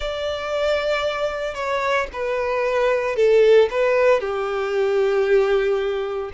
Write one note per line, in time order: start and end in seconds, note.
0.00 1.54 D5
1.54 2.07 C#5
2.12 3.16 B4
3.16 3.68 A4
3.70 4.20 B4
4.20 6.31 G4